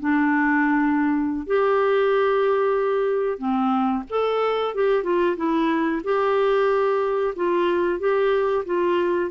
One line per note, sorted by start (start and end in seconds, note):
0.00 1.47 D4
1.47 3.38 G4
3.38 4.03 C4
4.10 4.75 A4
4.75 5.04 G4
5.04 5.36 F4
5.37 6.02 E4
6.04 7.34 G4
7.36 8.00 F4
8.00 8.65 G4
8.66 9.31 F4